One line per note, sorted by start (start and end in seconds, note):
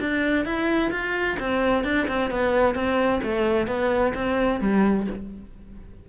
0.00 0.45 D4
0.45 0.91 E4
0.91 1.37 F4
1.39 1.84 C4
1.84 2.07 D4
2.08 2.30 C4
2.30 2.75 B3
2.75 3.21 C4
3.23 3.67 A3
3.67 4.13 B3
4.14 4.60 C4
4.60 5.07 G3